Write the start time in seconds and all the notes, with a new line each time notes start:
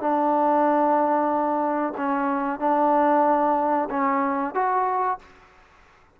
0.00 D4
1.97 C#4
2.60 D4
3.90 C#4
4.54 F#4